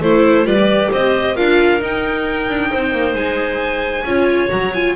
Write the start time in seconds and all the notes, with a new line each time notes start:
0.00 A3 E4 A4 C5
0.45 G3 F4 B4 D5
0.59 G4
0.91 C4 C5 D#5
1.36 D4 F4 A#4 F5
1.79 D#4 G5
2.50 D4
2.71 C4 C5
2.93 A#3
3.14 G#3 G#5
4.05 C#4 F4 C#5
4.49 F#3 F#4 A#5
4.74 F4 G#5